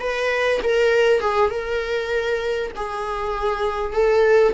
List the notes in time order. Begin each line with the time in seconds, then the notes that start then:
0.00 B4
0.64 A#4
1.21 G#4
1.50 A#4
2.76 G#4
3.93 A4